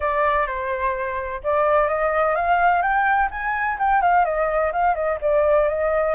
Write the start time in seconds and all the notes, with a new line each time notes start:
0.00 D5
0.46 C5
1.43 D5
1.88 D#5
2.35 F5
2.82 G5
3.30 G#5
3.78 G5
4.01 F5
4.24 D#5
4.72 F5
4.95 D#5
5.21 D5
5.68 D#5